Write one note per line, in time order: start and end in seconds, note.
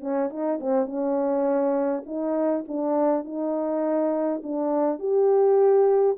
0.00 0.29 C#4
0.30 0.59 D#4
0.60 0.86 C4
0.86 2.03 C#4
2.06 2.64 D#4
2.68 3.24 D4
3.24 4.42 D#4
4.43 4.99 D4
4.99 6.17 G4